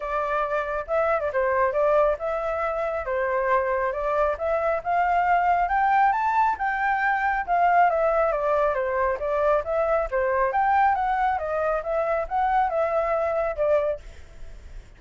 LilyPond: \new Staff \with { instrumentName = "flute" } { \time 4/4 \tempo 4 = 137 d''2 e''8. d''16 c''4 | d''4 e''2 c''4~ | c''4 d''4 e''4 f''4~ | f''4 g''4 a''4 g''4~ |
g''4 f''4 e''4 d''4 | c''4 d''4 e''4 c''4 | g''4 fis''4 dis''4 e''4 | fis''4 e''2 d''4 | }